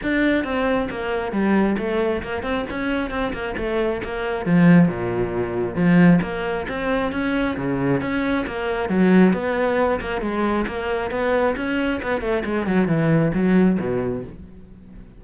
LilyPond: \new Staff \with { instrumentName = "cello" } { \time 4/4 \tempo 4 = 135 d'4 c'4 ais4 g4 | a4 ais8 c'8 cis'4 c'8 ais8 | a4 ais4 f4 ais,4~ | ais,4 f4 ais4 c'4 |
cis'4 cis4 cis'4 ais4 | fis4 b4. ais8 gis4 | ais4 b4 cis'4 b8 a8 | gis8 fis8 e4 fis4 b,4 | }